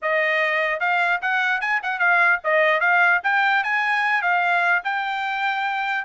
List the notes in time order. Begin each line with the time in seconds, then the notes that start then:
0.01 D#5
0.80 F5
1.21 F#5
1.60 G#5
1.82 F#5
1.99 F5
2.44 D#5
2.80 F5
3.23 G5
3.63 G#5
4.22 F5
4.84 G5